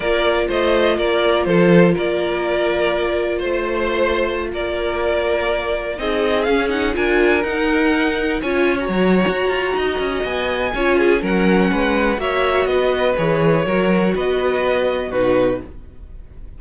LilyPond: <<
  \new Staff \with { instrumentName = "violin" } { \time 4/4 \tempo 4 = 123 d''4 dis''4 d''4 c''4 | d''2. c''4~ | c''4~ c''16 d''2~ d''8.~ | d''16 dis''4 f''8 fis''8 gis''4 fis''8.~ |
fis''4~ fis''16 gis''8. ais''2~ | ais''4 gis''2 fis''4~ | fis''4 e''4 dis''4 cis''4~ | cis''4 dis''2 b'4 | }
  \new Staff \with { instrumentName = "violin" } { \time 4/4 ais'4 c''4 ais'4 a'4 | ais'2. c''4~ | c''4~ c''16 ais'2~ ais'8.~ | ais'16 gis'2 ais'4.~ ais'16~ |
ais'4~ ais'16 cis''2~ cis''8. | dis''2 cis''8 gis'8 ais'4 | b'4 cis''4 b'2 | ais'4 b'2 fis'4 | }
  \new Staff \with { instrumentName = "viola" } { \time 4/4 f'1~ | f'1~ | f'1~ | f'16 dis'4 cis'8 dis'8 f'4 dis'8.~ |
dis'4~ dis'16 f'8. fis'2~ | fis'2 f'4 cis'4~ | cis'4 fis'2 gis'4 | fis'2. dis'4 | }
  \new Staff \with { instrumentName = "cello" } { \time 4/4 ais4 a4 ais4 f4 | ais2. a4~ | a4~ a16 ais2~ ais8.~ | ais16 c'4 cis'4 d'4 dis'8.~ |
dis'4~ dis'16 cis'4 fis8. fis'8 f'8 | dis'8 cis'8 b4 cis'4 fis4 | gis4 ais4 b4 e4 | fis4 b2 b,4 | }
>>